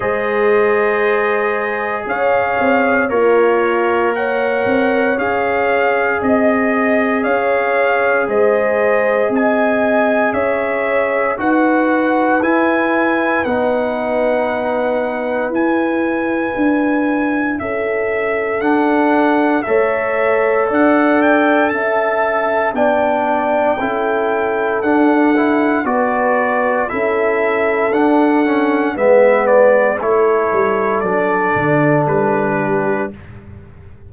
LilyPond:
<<
  \new Staff \with { instrumentName = "trumpet" } { \time 4/4 \tempo 4 = 58 dis''2 f''4 cis''4 | fis''4 f''4 dis''4 f''4 | dis''4 gis''4 e''4 fis''4 | gis''4 fis''2 gis''4~ |
gis''4 e''4 fis''4 e''4 | fis''8 g''8 a''4 g''2 | fis''4 d''4 e''4 fis''4 | e''8 d''8 cis''4 d''4 b'4 | }
  \new Staff \with { instrumentName = "horn" } { \time 4/4 c''2 cis''4 f'4 | cis''2 dis''4 cis''4 | c''4 dis''4 cis''4 b'4~ | b'1~ |
b'4 a'2 cis''4 | d''4 e''4 d''4 a'4~ | a'4 b'4 a'2 | b'4 a'2~ a'8 g'8 | }
  \new Staff \with { instrumentName = "trombone" } { \time 4/4 gis'2. ais'4~ | ais'4 gis'2.~ | gis'2. fis'4 | e'4 dis'2 e'4~ |
e'2 d'4 a'4~ | a'2 d'4 e'4 | d'8 e'8 fis'4 e'4 d'8 cis'8 | b4 e'4 d'2 | }
  \new Staff \with { instrumentName = "tuba" } { \time 4/4 gis2 cis'8 c'8 ais4~ | ais8 c'8 cis'4 c'4 cis'4 | gis4 c'4 cis'4 dis'4 | e'4 b2 e'4 |
d'4 cis'4 d'4 a4 | d'4 cis'4 b4 cis'4 | d'4 b4 cis'4 d'4 | gis4 a8 g8 fis8 d8 g4 | }
>>